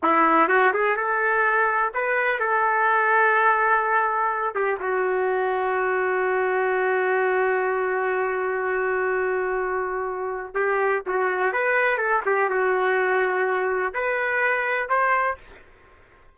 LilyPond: \new Staff \with { instrumentName = "trumpet" } { \time 4/4 \tempo 4 = 125 e'4 fis'8 gis'8 a'2 | b'4 a'2.~ | a'4. g'8 fis'2~ | fis'1~ |
fis'1~ | fis'2 g'4 fis'4 | b'4 a'8 g'8 fis'2~ | fis'4 b'2 c''4 | }